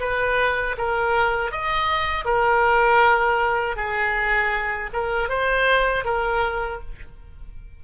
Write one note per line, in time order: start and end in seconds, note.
0.00 0.76 B4
0.78 1.51 A#4
1.51 2.25 D#5
2.25 3.76 A#4
3.76 4.90 G#4
4.93 5.29 A#4
5.29 6.05 C5
6.05 6.81 A#4